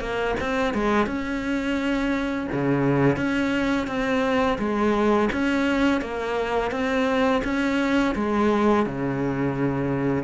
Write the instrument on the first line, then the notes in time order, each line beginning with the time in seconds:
cello
0.00 A#3
0.40 C4
0.74 G#3
1.07 C#4
2.52 C#3
3.17 C#4
3.87 C4
4.59 G#3
5.33 C#4
6.01 A#3
6.71 C4
7.44 C#4
8.16 G#3
8.86 C#3